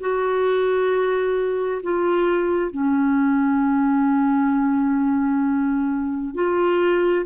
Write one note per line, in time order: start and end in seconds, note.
0.00 1.82 F#4
1.83 2.71 F4
2.71 6.35 C#4
6.35 7.26 F4